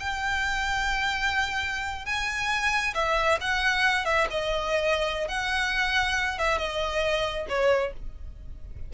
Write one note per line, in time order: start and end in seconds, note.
0.00 2.06 G5
2.06 2.94 G#5
2.95 3.39 E5
3.42 4.06 F#5
4.06 4.28 E5
4.31 5.28 D#5
5.28 6.39 F#5
6.39 6.59 E5
6.59 7.47 D#5
7.49 7.94 C#5